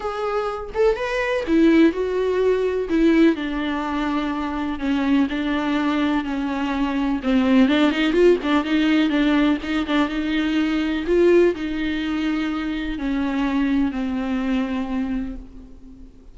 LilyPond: \new Staff \with { instrumentName = "viola" } { \time 4/4 \tempo 4 = 125 gis'4. a'8 b'4 e'4 | fis'2 e'4 d'4~ | d'2 cis'4 d'4~ | d'4 cis'2 c'4 |
d'8 dis'8 f'8 d'8 dis'4 d'4 | dis'8 d'8 dis'2 f'4 | dis'2. cis'4~ | cis'4 c'2. | }